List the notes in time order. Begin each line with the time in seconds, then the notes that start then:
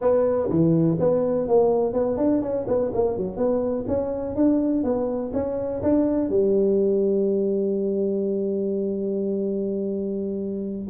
0.01 B3
0.49 E3
0.99 B3
1.48 A#3
1.93 B3
2.17 D4
2.41 C#4
2.67 B3
2.93 A#3
3.17 F#3
3.37 B3
3.87 C#4
4.35 D4
4.83 B3
5.33 C#4
5.82 D4
6.29 G3